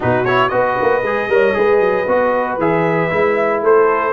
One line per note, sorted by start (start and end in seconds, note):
0.00 0.52 B2
0.00 0.25 D#4
0.00 0.51 F#4
0.00 0.24 B4
0.24 0.50 E4
0.24 0.49 C#5
0.49 0.77 B3
0.49 1.02 F#4
0.49 1.29 B4
0.49 2.55 D#5
0.81 1.02 A#3
1.02 1.28 G#3
1.02 1.29 G#4
1.28 1.54 G3
1.28 1.53 A#4
1.28 1.57 C#5
1.53 1.80 G#3
1.53 2.05 G#4
1.53 3.63 B4
1.80 2.05 F#3
2.07 2.57 B3
2.07 2.59 F#4
2.57 3.09 E3
2.57 3.10 G#4
2.57 3.63 E5
3.10 3.62 G#3
3.10 4.13 E4
3.62 4.13 A3
3.62 4.13 A4
3.62 4.13 C5